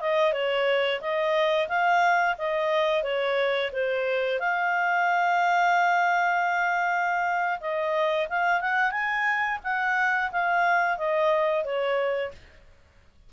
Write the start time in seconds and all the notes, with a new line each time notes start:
0.00 D#5
0.32 C#5
1.00 D#5
1.68 F5
2.38 D#5
3.03 C#5
3.72 C5
4.39 F5
7.60 D#5
8.29 F5
8.60 F#5
8.91 G#5
9.63 F#5
10.31 F5
10.97 D#5
11.64 C#5